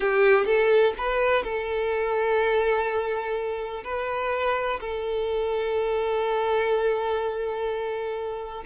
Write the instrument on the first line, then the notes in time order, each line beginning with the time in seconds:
violin
0.00 G4
0.45 A4
0.97 B4
1.43 A4
3.84 B4
4.80 A4